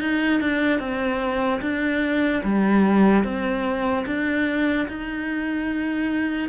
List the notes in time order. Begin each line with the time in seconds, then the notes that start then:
0.00 D#4
0.40 D4
0.79 C4
1.61 D4
2.44 G3
3.24 C4
4.06 D4
4.88 D#4